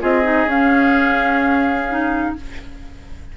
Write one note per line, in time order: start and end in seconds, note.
0.00 0.46 C4
0.00 0.23 F4
0.00 2.36 G#4
0.00 0.50 D#5
0.24 0.47 D#4
0.46 2.34 C#4
0.46 1.89 C#4
0.46 2.37 F5
1.89 2.36 D#4